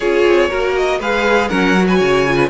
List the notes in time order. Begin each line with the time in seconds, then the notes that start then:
0.00 C#4 F4 G#4 C#5
0.26 C4
0.48 A#3 F#4 A#4
0.75 D#5
0.99 G#3 G#4 B4 F5
1.48 F#3 C#4 A#4 F#5
1.77 F#4
1.87 B4 G#5
1.96 C#3 C#5
2.27 F4
2.35 B4